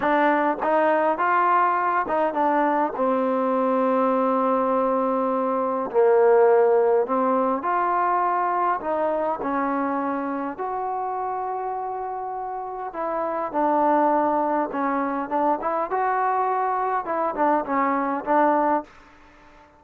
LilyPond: \new Staff \with { instrumentName = "trombone" } { \time 4/4 \tempo 4 = 102 d'4 dis'4 f'4. dis'8 | d'4 c'2.~ | c'2 ais2 | c'4 f'2 dis'4 |
cis'2 fis'2~ | fis'2 e'4 d'4~ | d'4 cis'4 d'8 e'8 fis'4~ | fis'4 e'8 d'8 cis'4 d'4 | }